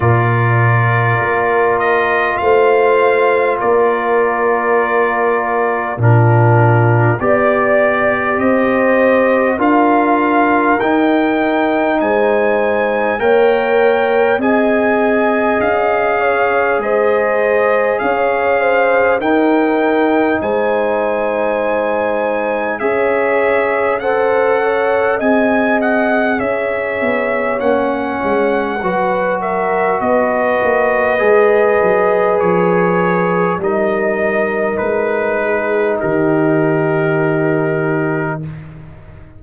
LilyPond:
<<
  \new Staff \with { instrumentName = "trumpet" } { \time 4/4 \tempo 4 = 50 d''4. dis''8 f''4 d''4~ | d''4 ais'4 d''4 dis''4 | f''4 g''4 gis''4 g''4 | gis''4 f''4 dis''4 f''4 |
g''4 gis''2 e''4 | fis''4 gis''8 fis''8 e''4 fis''4~ | fis''8 e''8 dis''2 cis''4 | dis''4 b'4 ais'2 | }
  \new Staff \with { instrumentName = "horn" } { \time 4/4 ais'2 c''4 ais'4~ | ais'4 f'4 d''4 c''4 | ais'2 c''4 cis''4 | dis''4. cis''8 c''4 cis''8 c''8 |
ais'4 c''2 cis''4 | c''8 cis''8 dis''4 cis''2 | b'8 ais'8 b'2. | ais'4. gis'8 g'2 | }
  \new Staff \with { instrumentName = "trombone" } { \time 4/4 f'1~ | f'4 d'4 g'2 | f'4 dis'2 ais'4 | gis'1 |
dis'2. gis'4 | a'4 gis'2 cis'4 | fis'2 gis'2 | dis'1 | }
  \new Staff \with { instrumentName = "tuba" } { \time 4/4 ais,4 ais4 a4 ais4~ | ais4 ais,4 b4 c'4 | d'4 dis'4 gis4 ais4 | c'4 cis'4 gis4 cis'4 |
dis'4 gis2 cis'4~ | cis'4 c'4 cis'8 b8 ais8 gis8 | fis4 b8 ais8 gis8 fis8 f4 | g4 gis4 dis2 | }
>>